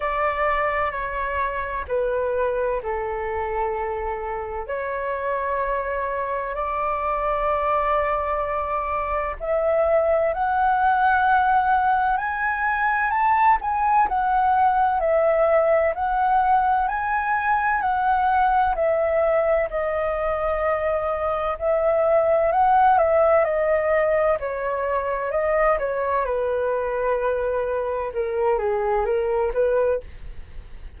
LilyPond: \new Staff \with { instrumentName = "flute" } { \time 4/4 \tempo 4 = 64 d''4 cis''4 b'4 a'4~ | a'4 cis''2 d''4~ | d''2 e''4 fis''4~ | fis''4 gis''4 a''8 gis''8 fis''4 |
e''4 fis''4 gis''4 fis''4 | e''4 dis''2 e''4 | fis''8 e''8 dis''4 cis''4 dis''8 cis''8 | b'2 ais'8 gis'8 ais'8 b'8 | }